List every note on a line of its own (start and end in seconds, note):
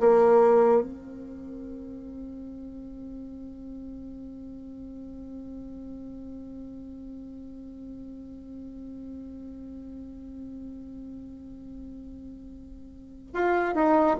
0.00 0.82 A#3
0.82 13.32 C4
13.34 13.75 F4
13.75 14.17 D#4